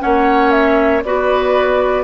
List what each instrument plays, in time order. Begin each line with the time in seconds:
0.00 bassoon A#3, clarinet C#4, oboe C#5, flute F#5
0.51 flute E5
1.04 bassoon B3, clarinet F#4, oboe B4, flute D5